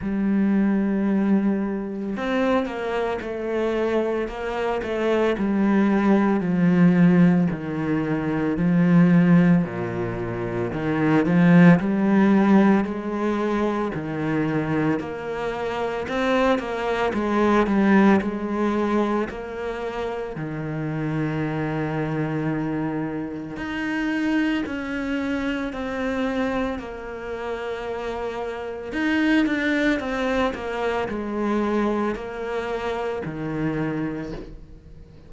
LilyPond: \new Staff \with { instrumentName = "cello" } { \time 4/4 \tempo 4 = 56 g2 c'8 ais8 a4 | ais8 a8 g4 f4 dis4 | f4 ais,4 dis8 f8 g4 | gis4 dis4 ais4 c'8 ais8 |
gis8 g8 gis4 ais4 dis4~ | dis2 dis'4 cis'4 | c'4 ais2 dis'8 d'8 | c'8 ais8 gis4 ais4 dis4 | }